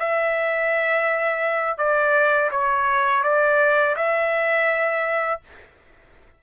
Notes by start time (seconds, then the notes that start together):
0.00 E5
1.78 D5
2.52 C#5
3.24 D5
3.97 E5